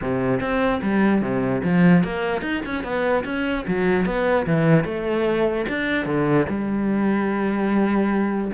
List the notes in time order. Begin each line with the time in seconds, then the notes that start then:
0.01 C3
0.40 C4
0.82 G3
1.21 C3
1.63 F3
2.03 A#3
2.41 D#4
2.65 C#4
2.83 B3
3.24 C#4
3.67 F#3
4.05 B3
4.46 E3
4.84 A3
5.68 D4
6.05 D3
6.48 G3